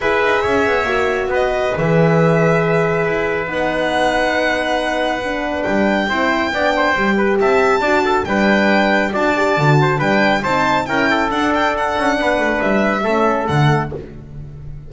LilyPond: <<
  \new Staff \with { instrumentName = "violin" } { \time 4/4 \tempo 4 = 138 e''2. dis''4 | e''1 | fis''1~ | fis''4 g''2.~ |
g''4 a''2 g''4~ | g''4 a''2 g''4 | a''4 g''4 fis''8 g''8 fis''4~ | fis''4 e''2 fis''4 | }
  \new Staff \with { instrumentName = "trumpet" } { \time 4/4 b'4 cis''2 b'4~ | b'1~ | b'1~ | b'2 c''4 d''8 c''8~ |
c''8 b'8 e''4 d''8 a'8 b'4~ | b'4 d''4. c''8 b'4 | c''4 ais'8 a'2~ a'8 | b'2 a'2 | }
  \new Staff \with { instrumentName = "horn" } { \time 4/4 gis'2 fis'2 | gis'1 | dis'1 | d'2 e'4 d'4 |
g'2 fis'4 d'4~ | d'4 fis'8 g'8 fis'4 d'4 | dis'4 e'4 d'2~ | d'2 cis'4 a4 | }
  \new Staff \with { instrumentName = "double bass" } { \time 4/4 e'8 dis'8 cis'8 b8 ais4 b4 | e2. e'4 | b1~ | b4 g4 c'4 b4 |
g4 c'4 d'4 g4~ | g4 d'4 d4 g4 | c'4 cis'4 d'4. cis'8 | b8 a8 g4 a4 d4 | }
>>